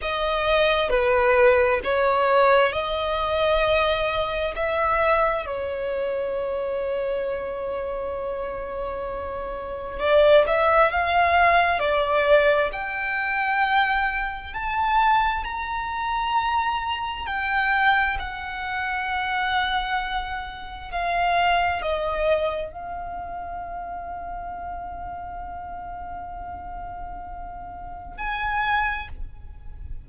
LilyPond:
\new Staff \with { instrumentName = "violin" } { \time 4/4 \tempo 4 = 66 dis''4 b'4 cis''4 dis''4~ | dis''4 e''4 cis''2~ | cis''2. d''8 e''8 | f''4 d''4 g''2 |
a''4 ais''2 g''4 | fis''2. f''4 | dis''4 f''2.~ | f''2. gis''4 | }